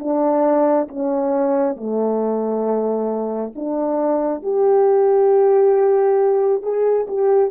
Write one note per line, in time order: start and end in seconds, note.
0.00 0.88 D4
0.89 1.76 C#4
1.76 3.53 A3
3.56 4.43 D4
4.43 6.63 G4
6.63 7.07 G#4
7.08 7.52 G4